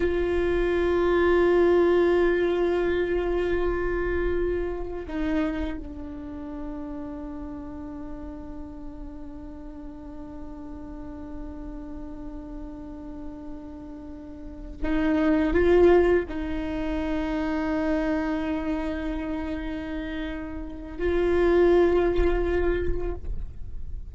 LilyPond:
\new Staff \with { instrumentName = "viola" } { \time 4/4 \tempo 4 = 83 f'1~ | f'2. dis'4 | d'1~ | d'1~ |
d'1~ | d'8 dis'4 f'4 dis'4.~ | dis'1~ | dis'4 f'2. | }